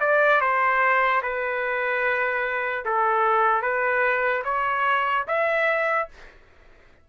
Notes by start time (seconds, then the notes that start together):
0.00 D5
0.41 C5
1.22 B4
2.85 A4
3.62 B4
4.44 C#5
5.28 E5